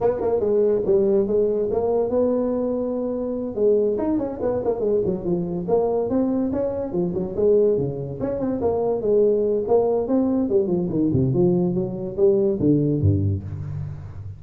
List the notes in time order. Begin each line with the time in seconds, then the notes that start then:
0.00 B3
0.21 A#3
0.40 G#3
0.85 G3
1.27 G#3
1.71 A#3
2.09 B3
3.55 G#3
3.98 D#4
4.18 C#4
4.41 B3
4.64 A#3
4.80 G#3
5.05 F#3
5.24 F3
5.68 A#3
6.09 C4
6.52 C#4
6.92 F3
7.14 F#3
7.36 G#3
7.77 C#3
8.20 C#4
8.39 C4
8.61 A#3
9.01 G#3
9.67 A#3
10.07 C4
10.49 G3
10.67 F3
10.89 D#3
11.12 C3
11.33 F3
11.74 F#3
12.16 G3
12.59 D3
13.01 G2